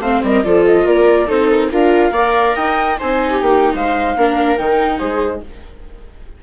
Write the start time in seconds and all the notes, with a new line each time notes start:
0.00 A3 C4 C5 F5
0.23 G3 A#4 D#5
0.44 F3 F4 A4 D5
0.66 D#5
0.85 A#3 A#4 D5
1.27 C4 D#4 A4 C5
1.50 A#4
1.72 D4 F4 A#4 F5
2.12 A#3 A#4 D5
2.56 D#4 D#5 G5
2.99 C4 D#4 C5 G#5
3.31 G4
3.42 A#3 G5
3.75 G#3 C5 F5
4.17 A#3 D4 A#4
4.58 D#3 D#4 G5
4.99 G#3 G#4 C5